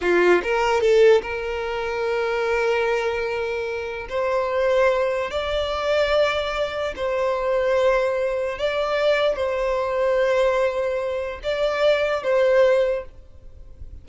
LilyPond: \new Staff \with { instrumentName = "violin" } { \time 4/4 \tempo 4 = 147 f'4 ais'4 a'4 ais'4~ | ais'1~ | ais'2 c''2~ | c''4 d''2.~ |
d''4 c''2.~ | c''4 d''2 c''4~ | c''1 | d''2 c''2 | }